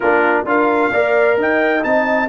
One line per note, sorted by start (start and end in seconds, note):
0.00 0.44 A#3
0.00 0.45 D4
0.00 0.45 F4
0.00 0.45 A#4
0.44 0.90 D4
0.44 0.91 F4
0.44 0.92 A#4
0.44 1.40 F5
0.92 1.37 A#3
0.92 1.81 A#4
0.92 1.38 D5
1.37 1.83 D#4
1.37 2.28 D#5
1.37 1.83 G5
1.81 2.28 C4
1.81 2.27 D#4
1.81 2.28 A5